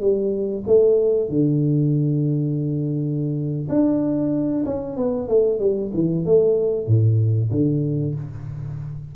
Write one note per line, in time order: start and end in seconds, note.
0.00 0.64 G3
0.67 1.29 A3
1.29 3.68 D3
3.69 4.65 D4
4.65 4.96 C#4
4.96 5.28 B3
5.28 5.59 A3
5.59 5.91 G3
5.94 6.26 E3
6.26 6.87 A3
6.87 7.51 A2
7.51 8.15 D3